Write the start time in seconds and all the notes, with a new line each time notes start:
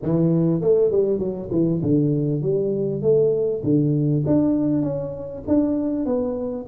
0.02 E3
0.61 A3
0.91 G3
1.18 F#3
1.51 E3
1.82 D3
2.41 G3
3.01 A3
3.63 D3
4.26 D4
4.82 C#4
5.47 D4
6.05 B3